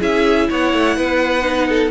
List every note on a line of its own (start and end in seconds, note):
0.00 0.49 C#4
0.00 1.43 E4
0.00 0.48 G#4
0.00 0.50 E5
0.50 0.73 B3
0.50 0.97 C#5
0.50 1.91 F#5
0.73 0.97 A3
0.97 1.91 B3
0.97 1.68 B4
1.43 1.90 D#4
1.69 1.91 A4